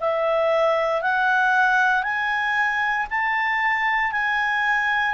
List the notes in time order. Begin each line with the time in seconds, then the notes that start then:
0.00 E5
1.02 F#5
2.03 G#5
3.10 A5
4.12 G#5